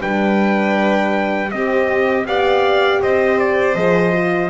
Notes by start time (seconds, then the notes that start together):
0.00 G3 D4 B4 G5
1.51 C4 G4 D#5
2.26 B3 G4 D5 F5
3.01 C4 C5 D#5
3.39 D5
3.75 F3 G#4 D#5
4.13 F4